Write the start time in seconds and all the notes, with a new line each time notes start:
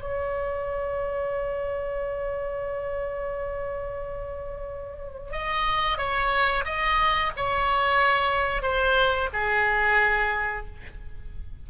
0.00 C#5
5.32 D#5
5.97 C#5
6.65 D#5
7.36 C#5
8.62 C5
9.33 G#4